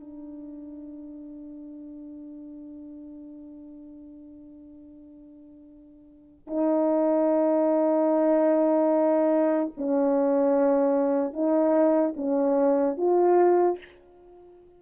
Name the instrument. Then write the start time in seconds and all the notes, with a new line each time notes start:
horn
0.00 D4
6.47 D#4
9.77 C#4
11.33 D#4
12.16 C#4
12.97 F4